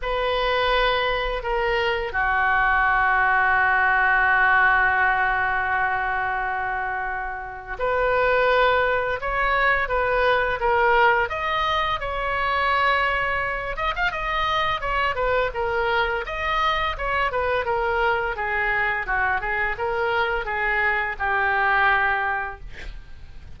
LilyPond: \new Staff \with { instrumentName = "oboe" } { \time 4/4 \tempo 4 = 85 b'2 ais'4 fis'4~ | fis'1~ | fis'2. b'4~ | b'4 cis''4 b'4 ais'4 |
dis''4 cis''2~ cis''8 dis''16 f''16 | dis''4 cis''8 b'8 ais'4 dis''4 | cis''8 b'8 ais'4 gis'4 fis'8 gis'8 | ais'4 gis'4 g'2 | }